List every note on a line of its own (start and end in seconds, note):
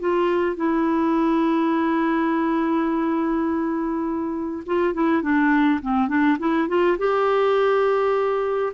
0.00 0.56 F4
0.56 4.64 E4
4.66 4.94 F4
4.94 5.22 E4
5.22 5.81 D4
5.82 6.09 C4
6.09 6.38 D4
6.39 6.68 E4
6.69 6.98 F4
6.98 8.73 G4